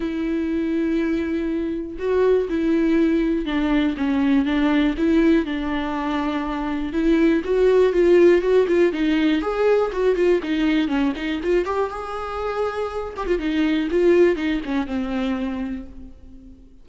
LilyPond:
\new Staff \with { instrumentName = "viola" } { \time 4/4 \tempo 4 = 121 e'1 | fis'4 e'2 d'4 | cis'4 d'4 e'4 d'4~ | d'2 e'4 fis'4 |
f'4 fis'8 f'8 dis'4 gis'4 | fis'8 f'8 dis'4 cis'8 dis'8 f'8 g'8 | gis'2~ gis'8 g'16 f'16 dis'4 | f'4 dis'8 cis'8 c'2 | }